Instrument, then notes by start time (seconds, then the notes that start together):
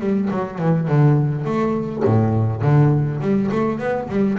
double bass
0.00 G3
0.31 F#3
0.59 E3
0.88 D3
1.45 A3
2.05 A2
2.62 D3
3.21 G3
3.52 A3
3.79 B3
4.09 G3